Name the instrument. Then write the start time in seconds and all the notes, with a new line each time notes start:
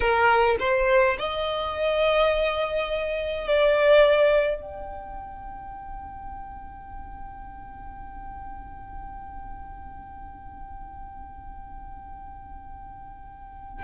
violin
0.00 A#4
0.59 C5
1.19 D#5
3.47 D5
4.62 G5